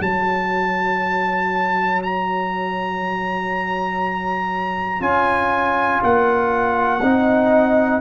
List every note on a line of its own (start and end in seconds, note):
0.00 5.01 F#3
0.00 5.01 F#4
0.00 7.00 C#5
0.00 2.02 A5
2.03 5.02 A#5
5.01 6.01 C#4
5.01 7.01 F4
5.01 6.02 G#5
6.04 7.02 A#3
6.04 8.01 F#5
7.02 8.01 C4
7.02 8.01 D#4
7.02 8.01 D#5